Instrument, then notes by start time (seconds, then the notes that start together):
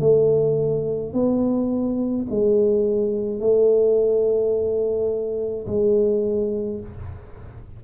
tuba
0.00 A3
1.13 B3
2.30 G#3
3.40 A3
5.67 G#3